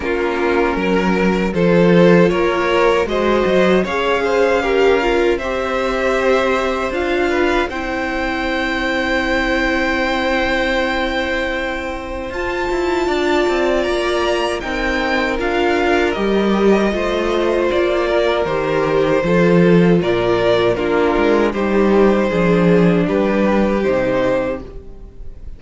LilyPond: <<
  \new Staff \with { instrumentName = "violin" } { \time 4/4 \tempo 4 = 78 ais'2 c''4 cis''4 | dis''4 f''2 e''4~ | e''4 f''4 g''2~ | g''1 |
a''2 ais''4 g''4 | f''4 dis''2 d''4 | c''2 d''4 ais'4 | c''2 b'4 c''4 | }
  \new Staff \with { instrumentName = "violin" } { \time 4/4 f'4 ais'4 a'4 ais'4 | c''4 cis''8 c''8 ais'4 c''4~ | c''4. b'8 c''2~ | c''1~ |
c''4 d''2 ais'4~ | ais'2 c''4. ais'8~ | ais'4 a'4 ais'4 f'4 | g'4 gis'4 g'2 | }
  \new Staff \with { instrumentName = "viola" } { \time 4/4 cis'2 f'2 | fis'4 gis'4 g'8 f'8 g'4~ | g'4 f'4 e'2~ | e'1 |
f'2. dis'4 | f'4 g'4 f'2 | g'4 f'2 d'4 | dis'4 d'2 dis'4 | }
  \new Staff \with { instrumentName = "cello" } { \time 4/4 ais4 fis4 f4 ais4 | gis8 fis8 cis'2 c'4~ | c'4 d'4 c'2~ | c'1 |
f'8 e'8 d'8 c'8 ais4 c'4 | d'4 g4 a4 ais4 | dis4 f4 ais,4 ais8 gis8 | g4 f4 g4 c4 | }
>>